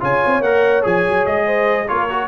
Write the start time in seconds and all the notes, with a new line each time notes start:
0.00 C#3 F4 C#5 G#5
0.25 C4
0.41 A#3 A#4 F#5
0.82 F3 G#4 G#5
1.08 F#3
1.26 G#3 D#5
1.45 C5
1.88 A#3 F4 A#4 C#5
2.09 F#4